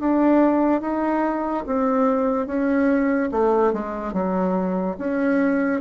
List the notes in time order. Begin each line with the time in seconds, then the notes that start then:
0.00 D4
0.81 D#4
1.66 C4
2.47 C#4
3.32 A3
3.73 G#3
4.13 F#3
4.98 C#4